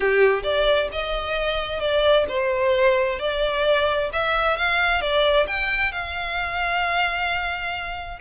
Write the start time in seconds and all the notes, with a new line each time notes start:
0.00 G4
0.43 D5
0.92 D#5
1.80 D5
2.28 C5
3.19 D5
4.12 E5
4.56 F5
5.01 D5
5.47 G5
5.92 F5